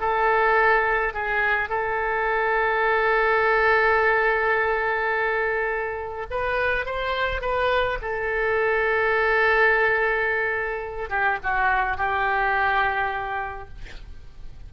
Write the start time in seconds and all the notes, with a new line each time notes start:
0.00 A4
1.14 G#4
1.69 A4
6.30 B4
6.86 C5
7.41 B4
8.01 A4
11.09 G4
11.43 F#4
11.97 G4